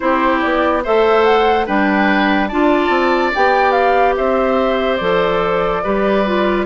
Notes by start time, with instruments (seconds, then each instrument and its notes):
0.00 bassoon C4, clarinet E4, oboe G4, flute C5
0.41 bassoon B3, flute D5
0.83 bassoon A3, clarinet A4, oboe C5, flute E5
1.24 flute F#5
1.66 bassoon G3, clarinet D4, oboe B4, flute G5
2.47 bassoon D4, clarinet F4, oboe D5, flute A5
2.89 bassoon C4
3.34 bassoon B3, clarinet G4, flute G5
3.71 flute F5
4.16 bassoon C4, oboe C5, flute E5
4.96 bassoon F3, clarinet A4, flute D5
5.83 bassoon G3, clarinet G4, oboe B4
6.25 clarinet F4